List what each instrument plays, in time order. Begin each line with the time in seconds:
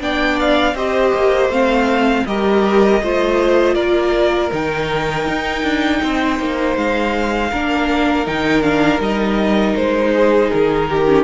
0.00 cello B3, viola D4, violin D5 G5
0.40 violin F5
0.75 cello C4, viola G4, violin C5 D#5
1.14 cello A#3
1.49 cello A3, viola C4, violin F5
2.27 cello G3, viola G4, violin A#4 D#5
3.02 cello A3, viola F4, violin C5
3.75 cello A#3, violin A#4 D5
4.51 cello D#3, viola D#4, violin G5
5.28 cello D#4
5.63 cello D4
6.03 cello C4, violin C5
6.40 cello A#3
6.77 cello G#3, violin F5
7.51 cello A#3, viola D4, violin A#4
8.26 cello D#3, viola D#4, violin G5
8.62 viola D4, violin F5
9.00 cello G3, viola D#4, violin D#5
9.76 cello G#3, violin C5
10.15 violin G#4
10.50 cello D#3, violin A#4
10.90 violin G4
11.07 viola C#4